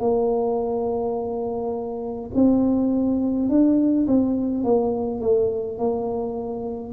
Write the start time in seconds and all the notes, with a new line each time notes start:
0.00 A#3
2.34 C4
3.49 D4
4.08 C4
4.64 A#3
5.21 A3
5.78 A#3